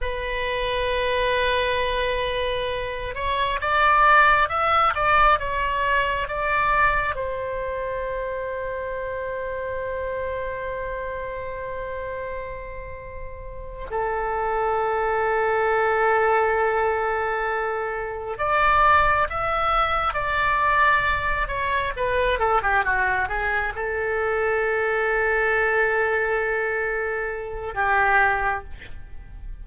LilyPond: \new Staff \with { instrumentName = "oboe" } { \time 4/4 \tempo 4 = 67 b'2.~ b'8 cis''8 | d''4 e''8 d''8 cis''4 d''4 | c''1~ | c''2.~ c''8 a'8~ |
a'1~ | a'8 d''4 e''4 d''4. | cis''8 b'8 a'16 g'16 fis'8 gis'8 a'4.~ | a'2. g'4 | }